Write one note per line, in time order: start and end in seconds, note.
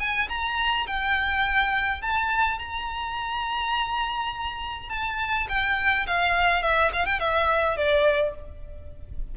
0.00 0.29 G#5
0.29 0.87 A#5
0.87 2.02 G5
2.02 2.59 A5
2.59 4.90 A#5
4.90 5.48 A5
5.49 6.07 G5
6.08 6.63 F5
6.63 6.92 E5
6.93 7.06 F5
7.06 7.20 G5
7.20 7.78 E5
7.78 8.35 D5